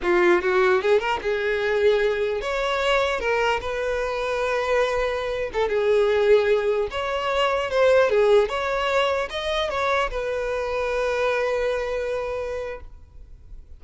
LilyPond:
\new Staff \with { instrumentName = "violin" } { \time 4/4 \tempo 4 = 150 f'4 fis'4 gis'8 ais'8 gis'4~ | gis'2 cis''2 | ais'4 b'2.~ | b'4.~ b'16 a'8 gis'4.~ gis'16~ |
gis'4~ gis'16 cis''2 c''8.~ | c''16 gis'4 cis''2 dis''8.~ | dis''16 cis''4 b'2~ b'8.~ | b'1 | }